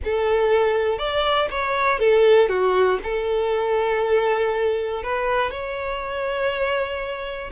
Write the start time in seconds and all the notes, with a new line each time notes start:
0.04 A4
0.98 D5
1.50 C#5
1.99 A4
2.48 F#4
3.03 A4
5.02 B4
5.50 C#5